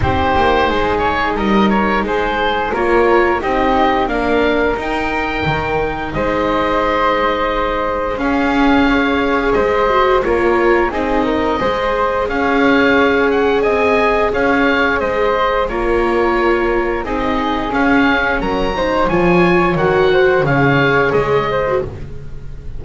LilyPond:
<<
  \new Staff \with { instrumentName = "oboe" } { \time 4/4 \tempo 4 = 88 c''4. cis''8 dis''8 cis''8 c''4 | cis''4 dis''4 f''4 g''4~ | g''4 dis''2. | f''2 dis''4 cis''4 |
dis''2 f''4. fis''8 | gis''4 f''4 dis''4 cis''4~ | cis''4 dis''4 f''4 ais''4 | gis''4 fis''4 f''4 dis''4 | }
  \new Staff \with { instrumentName = "flute" } { \time 4/4 g'4 gis'4 ais'4 gis'4 | ais'4 g'4 ais'2~ | ais'4 c''2. | gis'4 cis''4 c''4 ais'4 |
gis'8 ais'8 c''4 cis''2 | dis''4 cis''4 c''4 ais'4~ | ais'4 gis'2 ais'8 c''8 | cis''4. c''8 cis''4. c''8 | }
  \new Staff \with { instrumentName = "viola" } { \time 4/4 dis'1 | f'4 dis'4 d'4 dis'4~ | dis'1 | cis'4 gis'4. fis'8 f'4 |
dis'4 gis'2.~ | gis'2. f'4~ | f'4 dis'4 cis'4. dis'8 | f'4 fis'4 gis'4.~ gis'16 fis'16 | }
  \new Staff \with { instrumentName = "double bass" } { \time 4/4 c'8 ais8 gis4 g4 gis4 | ais4 c'4 ais4 dis'4 | dis4 gis2. | cis'2 gis4 ais4 |
c'4 gis4 cis'2 | c'4 cis'4 gis4 ais4~ | ais4 c'4 cis'4 fis4 | f4 dis4 cis4 gis4 | }
>>